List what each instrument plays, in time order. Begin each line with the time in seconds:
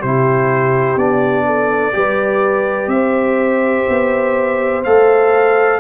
0.00 tuba C3, trombone E4, horn G4, trumpet C5
0.96 tuba B3, trombone D4, trumpet D5
1.47 horn A4
1.93 tuba G3, trombone G4, horn B4
2.87 tuba C4, horn C5, trumpet E5
3.89 tuba B3
4.84 tuba A3, trombone A4, trumpet F5